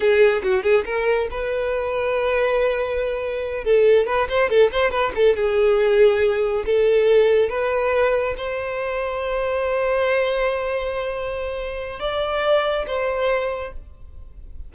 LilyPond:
\new Staff \with { instrumentName = "violin" } { \time 4/4 \tempo 4 = 140 gis'4 fis'8 gis'8 ais'4 b'4~ | b'1~ | b'8 a'4 b'8 c''8 a'8 c''8 b'8 | a'8 gis'2. a'8~ |
a'4. b'2 c''8~ | c''1~ | c''1 | d''2 c''2 | }